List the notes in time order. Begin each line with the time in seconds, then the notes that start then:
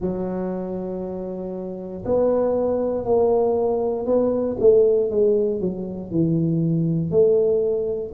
0.00 F#3
2.05 B3
3.05 A#3
4.05 B3
4.59 A3
5.10 G#3
5.60 F#3
6.11 E3
7.10 A3